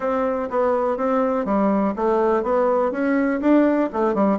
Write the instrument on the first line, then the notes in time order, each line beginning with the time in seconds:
bassoon
0.00 C4
0.50 B3
0.97 C4
1.45 G3
1.96 A3
2.43 B3
2.91 C#4
3.40 D4
3.93 A3
4.14 G3